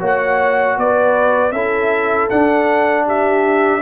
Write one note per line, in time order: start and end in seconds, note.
0.00 0.78 A#3
0.00 1.52 F#4
0.00 0.76 C#5
0.06 0.79 F#5
0.78 1.52 B3
0.78 1.54 B4
0.78 1.52 D5
1.52 2.28 C#4
1.52 2.31 E4
1.52 3.06 A4
1.52 2.28 E5
2.30 3.82 D4
2.30 3.83 D4
2.30 3.06 F#5
3.06 3.82 G4
3.06 3.83 E5